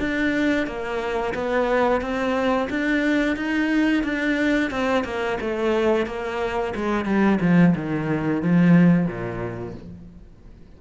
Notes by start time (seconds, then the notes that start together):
0.00 D4
0.67 A#3
1.35 B3
2.01 C4
2.71 D4
3.37 D#4
4.04 D4
4.71 C4
5.05 A#3
5.41 A3
6.07 A#3
6.76 G#3
7.05 G3
7.42 F3
7.76 D#3
8.43 F3
9.07 A#2